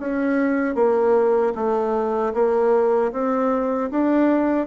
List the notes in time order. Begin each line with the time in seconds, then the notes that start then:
0.00 C#4
0.75 A#3
1.55 A3
2.34 A#3
3.13 C4
3.91 D4